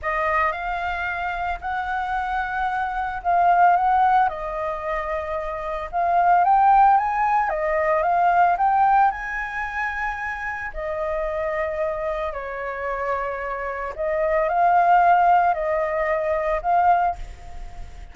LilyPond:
\new Staff \with { instrumentName = "flute" } { \time 4/4 \tempo 4 = 112 dis''4 f''2 fis''4~ | fis''2 f''4 fis''4 | dis''2. f''4 | g''4 gis''4 dis''4 f''4 |
g''4 gis''2. | dis''2. cis''4~ | cis''2 dis''4 f''4~ | f''4 dis''2 f''4 | }